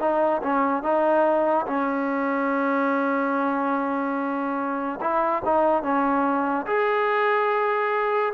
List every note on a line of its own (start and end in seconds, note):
0.00 0.42 D#4
0.43 0.83 C#4
0.83 1.66 D#4
1.66 5.00 C#4
5.01 5.42 E4
5.45 5.83 D#4
5.83 6.66 C#4
6.66 8.33 G#4